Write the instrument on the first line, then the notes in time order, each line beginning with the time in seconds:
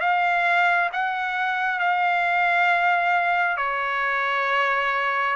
trumpet
0.00 F5
0.92 F#5
1.79 F5
3.57 C#5